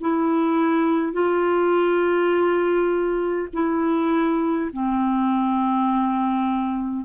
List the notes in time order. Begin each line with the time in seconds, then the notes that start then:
0.00 E4
1.12 F4
3.53 E4
4.72 C4